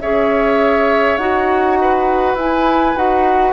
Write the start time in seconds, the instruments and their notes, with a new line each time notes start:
0.00 bassoon C#4, clarinet G#4, oboe C#5, flute E5
1.17 bassoon D#4, clarinet F#4, flute F#5
1.81 oboe B4
2.35 bassoon E4, clarinet E4, flute G#5
2.95 bassoon D#4, clarinet F#4, flute F#5